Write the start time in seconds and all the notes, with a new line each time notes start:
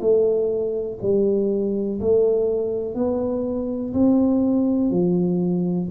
0.00 A3
1.01 G3
2.00 A3
2.95 B3
3.93 C4
4.90 F3